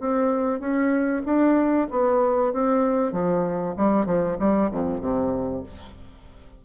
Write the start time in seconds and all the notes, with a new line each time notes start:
0.00 C4
0.60 C#4
1.26 D4
1.91 B3
2.53 C4
3.12 F3
3.77 G3
4.06 F3
4.39 G3
4.71 F2
5.01 C3